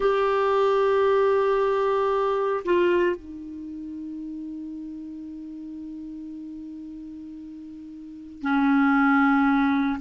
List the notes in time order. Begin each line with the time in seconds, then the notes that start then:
0.00 G4
2.65 F4
3.16 D#4
8.42 C#4